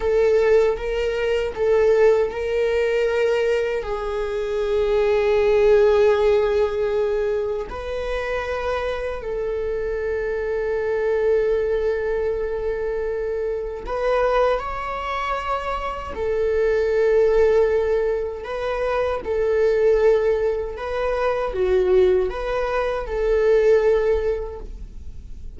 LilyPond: \new Staff \with { instrumentName = "viola" } { \time 4/4 \tempo 4 = 78 a'4 ais'4 a'4 ais'4~ | ais'4 gis'2.~ | gis'2 b'2 | a'1~ |
a'2 b'4 cis''4~ | cis''4 a'2. | b'4 a'2 b'4 | fis'4 b'4 a'2 | }